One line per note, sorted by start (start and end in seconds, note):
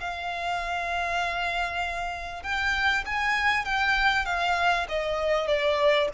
0.00 2.43 F5
2.43 3.04 G5
3.06 3.65 G#5
3.65 4.25 G5
4.25 4.86 F5
4.88 5.47 D#5
5.47 6.08 D5